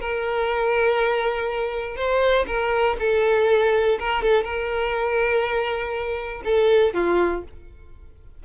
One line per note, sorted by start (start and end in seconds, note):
0.00 1.96 A#4
1.96 2.46 C5
2.47 2.97 A#4
2.99 3.98 A4
3.99 4.22 A#4
4.22 4.44 A4
4.44 6.42 A#4
6.44 6.94 A4
6.94 7.43 F4